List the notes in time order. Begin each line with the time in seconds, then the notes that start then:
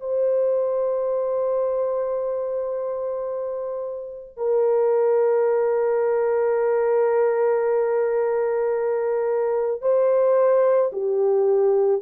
0.00 C5
4.36 A#4
9.81 C5
10.92 G4